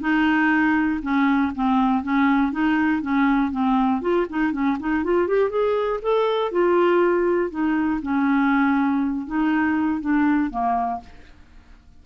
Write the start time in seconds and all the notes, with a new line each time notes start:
0.00 D#4
1.02 C#4
1.55 C4
2.03 C#4
2.52 D#4
3.02 C#4
3.52 C4
4.01 F4
4.30 D#4
4.52 C#4
4.79 D#4
5.04 F4
5.27 G4
5.50 G#4
6.02 A4
6.51 F4
7.50 D#4
8.02 C#4
9.27 D#4
10.00 D4
10.50 A#3